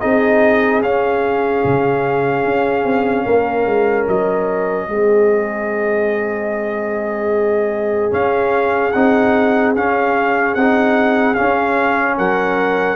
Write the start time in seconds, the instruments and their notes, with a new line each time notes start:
0.00 tuba C4, trombone D#4, horn G#4, trumpet D#5
0.83 tuba C#4, trombone C#4, trumpet F5
1.64 tuba C#3
2.45 tuba C#4
2.84 tuba C4
3.25 tuba A#3, horn A#4
3.66 tuba G#3
4.08 tuba F#3, trumpet D#5
4.87 tuba G#3, trombone C4, horn G#4
8.11 trombone C#4, tuba C#4, trumpet F5
8.91 tuba C4, trombone D#4, trumpet F#5
9.75 tuba C#4, trombone C#4, trumpet F5
10.54 tuba C4, trombone D#4, trumpet F#5
11.34 trombone C#4, tuba C#4, trumpet F5
12.17 tuba F#3, horn A#4, trumpet F#5